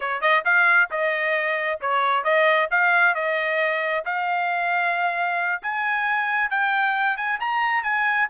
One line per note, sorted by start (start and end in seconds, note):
0.00 0.21 C#5
0.21 0.43 D#5
0.45 0.89 F5
0.90 1.80 D#5
1.80 2.24 C#5
2.24 2.68 D#5
2.70 3.14 F5
3.14 4.04 D#5
4.05 5.62 F5
5.62 6.50 G#5
6.50 7.16 G5
7.16 7.39 G#5
7.39 7.83 A#5
7.83 8.28 G#5